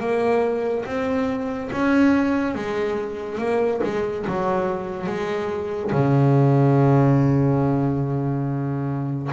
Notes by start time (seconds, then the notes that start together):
0.00 A#3
0.86 C4
1.72 C#4
2.55 G#3
3.38 A#3
3.83 G#3
4.27 F#3
5.07 G#3
5.92 C#3